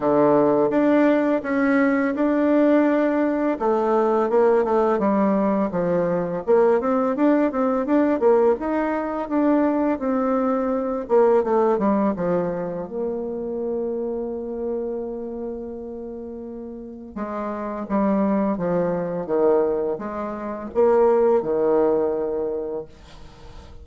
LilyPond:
\new Staff \with { instrumentName = "bassoon" } { \time 4/4 \tempo 4 = 84 d4 d'4 cis'4 d'4~ | d'4 a4 ais8 a8 g4 | f4 ais8 c'8 d'8 c'8 d'8 ais8 | dis'4 d'4 c'4. ais8 |
a8 g8 f4 ais2~ | ais1 | gis4 g4 f4 dis4 | gis4 ais4 dis2 | }